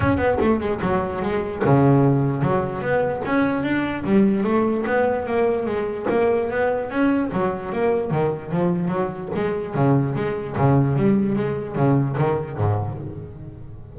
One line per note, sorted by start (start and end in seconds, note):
0.00 0.17 C#4
0.17 0.37 B3
0.40 0.60 A3
0.60 0.80 G#3
0.81 1.21 F#3
1.21 1.62 G#3
1.64 2.42 C#3
2.42 2.81 F#3
2.81 3.22 B3
3.25 3.63 C#4
3.63 4.03 D4
4.04 4.43 G3
4.43 4.84 A3
4.86 5.26 B3
5.26 5.66 A#3
5.66 6.06 G#3
6.09 6.50 A#3
6.50 6.90 B3
6.90 7.30 C#4
7.32 7.72 F#3
7.72 8.11 A#3
8.11 8.51 D#3
8.51 8.88 F3
8.88 9.28 F#3
9.34 9.74 G#3
9.74 10.14 C#3
10.15 10.56 G#3
10.56 10.96 C#3
10.96 11.35 G3
11.35 11.75 G#3
11.75 12.16 C#3
12.18 12.57 D#3
12.57 12.98 G#2